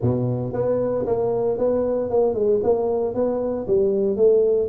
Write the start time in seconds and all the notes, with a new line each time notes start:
0.01 B2
0.53 B3
1.06 A#3
1.57 B3
2.09 A#3
2.34 G#3
2.63 A#3
3.14 B3
3.67 G3
4.16 A3